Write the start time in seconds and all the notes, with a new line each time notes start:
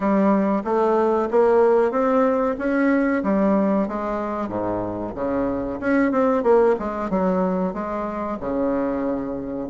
0.00 G3
0.64 A3
1.30 A#3
1.91 C4
2.58 C#4
3.23 G3
3.88 G#3
4.48 G#2
5.14 C#3
5.80 C#4
6.11 C4
6.43 A#3
6.79 G#3
7.10 F#3
7.73 G#3
8.40 C#3